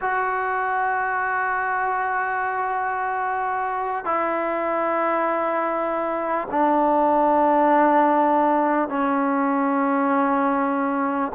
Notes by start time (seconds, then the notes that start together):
0.01 F#4
4.04 E4
6.50 D4
8.88 C#4